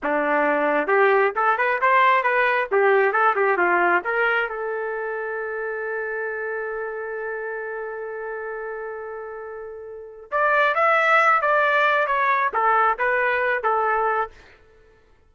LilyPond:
\new Staff \with { instrumentName = "trumpet" } { \time 4/4 \tempo 4 = 134 d'2 g'4 a'8 b'8 | c''4 b'4 g'4 a'8 g'8 | f'4 ais'4 a'2~ | a'1~ |
a'1~ | a'2. d''4 | e''4. d''4. cis''4 | a'4 b'4. a'4. | }